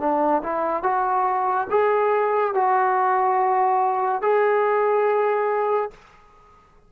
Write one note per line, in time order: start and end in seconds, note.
0.00 0.42 D4
0.43 0.83 E4
0.83 1.67 F#4
1.70 2.54 G#4
2.54 4.22 F#4
4.22 5.91 G#4